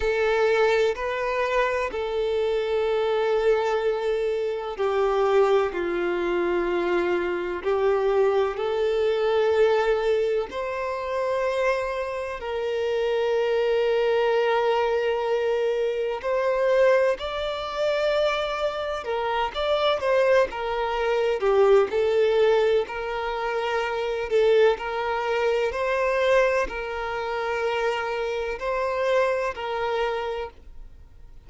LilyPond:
\new Staff \with { instrumentName = "violin" } { \time 4/4 \tempo 4 = 63 a'4 b'4 a'2~ | a'4 g'4 f'2 | g'4 a'2 c''4~ | c''4 ais'2.~ |
ais'4 c''4 d''2 | ais'8 d''8 c''8 ais'4 g'8 a'4 | ais'4. a'8 ais'4 c''4 | ais'2 c''4 ais'4 | }